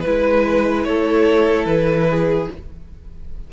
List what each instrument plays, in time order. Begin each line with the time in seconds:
0.00 viola E4, violin B4
0.06 cello G#3, violin B4
0.83 cello A3, violin A4 C#5
1.65 cello E3, violin B4
2.10 violin G#4